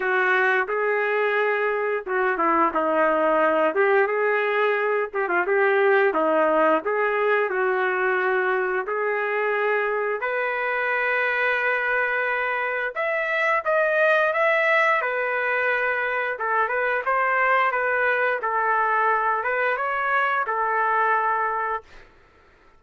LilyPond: \new Staff \with { instrumentName = "trumpet" } { \time 4/4 \tempo 4 = 88 fis'4 gis'2 fis'8 e'8 | dis'4. g'8 gis'4. g'16 f'16 | g'4 dis'4 gis'4 fis'4~ | fis'4 gis'2 b'4~ |
b'2. e''4 | dis''4 e''4 b'2 | a'8 b'8 c''4 b'4 a'4~ | a'8 b'8 cis''4 a'2 | }